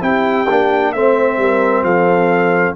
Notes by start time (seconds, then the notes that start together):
0.00 C4 E4 G4 G5
0.50 A#3 D4
0.93 A3 C4 C5 E5
1.37 G3 A#4
1.83 F3 A4 F5